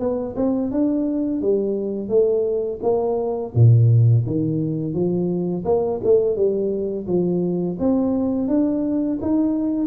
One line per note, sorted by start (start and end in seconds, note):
0.00 0.35 B3
0.36 0.71 C4
0.71 1.42 D4
1.42 2.09 G3
2.09 2.79 A3
2.83 3.53 A#3
3.55 4.25 A#2
4.27 4.94 D#3
4.94 5.64 F3
5.65 6.00 A#3
6.04 6.36 A3
6.36 7.07 G3
7.07 7.77 F3
7.79 8.48 C4
8.48 9.19 D4
9.22 9.87 D#4